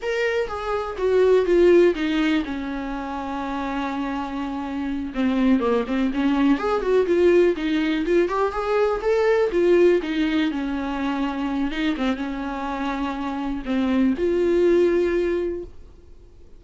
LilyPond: \new Staff \with { instrumentName = "viola" } { \time 4/4 \tempo 4 = 123 ais'4 gis'4 fis'4 f'4 | dis'4 cis'2.~ | cis'2~ cis'8 c'4 ais8 | c'8 cis'4 gis'8 fis'8 f'4 dis'8~ |
dis'8 f'8 g'8 gis'4 a'4 f'8~ | f'8 dis'4 cis'2~ cis'8 | dis'8 c'8 cis'2. | c'4 f'2. | }